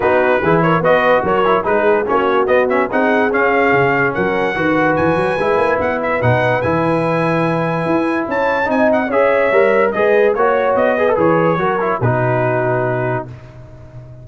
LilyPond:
<<
  \new Staff \with { instrumentName = "trumpet" } { \time 4/4 \tempo 4 = 145 b'4. cis''8 dis''4 cis''4 | b'4 cis''4 dis''8 e''8 fis''4 | f''2 fis''2 | gis''2 fis''8 e''8 fis''4 |
gis''1 | a''4 gis''8 fis''8 e''2 | dis''4 cis''4 dis''4 cis''4~ | cis''4 b'2. | }
  \new Staff \with { instrumentName = "horn" } { \time 4/4 fis'4 gis'8 ais'8 b'4 ais'4 | gis'4 fis'2 gis'4~ | gis'2 ais'4 b'4~ | b'1~ |
b'1 | cis''4 dis''4 cis''2 | b'4 cis''4. b'4. | ais'4 fis'2. | }
  \new Staff \with { instrumentName = "trombone" } { \time 4/4 dis'4 e'4 fis'4. e'8 | dis'4 cis'4 b8 cis'8 dis'4 | cis'2. fis'4~ | fis'4 e'2 dis'4 |
e'1~ | e'4 dis'4 gis'4 ais'4 | gis'4 fis'4. gis'16 a'16 gis'4 | fis'8 e'8 dis'2. | }
  \new Staff \with { instrumentName = "tuba" } { \time 4/4 b4 e4 b4 fis4 | gis4 ais4 b4 c'4 | cis'4 cis4 fis4 dis4 | e8 fis8 gis8 ais8 b4 b,4 |
e2. e'4 | cis'4 c'4 cis'4 g4 | gis4 ais4 b4 e4 | fis4 b,2. | }
>>